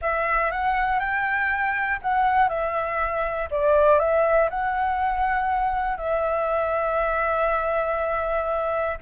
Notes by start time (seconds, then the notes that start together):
0.01 E5
0.51 F#5
0.99 G5
2.02 F#5
2.49 E5
3.50 D5
3.99 E5
4.50 F#5
5.97 E5